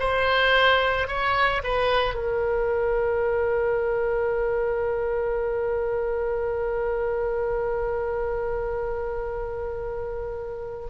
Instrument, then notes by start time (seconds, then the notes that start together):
oboe
0.00 C5
1.08 C#5
1.64 B4
2.15 A#4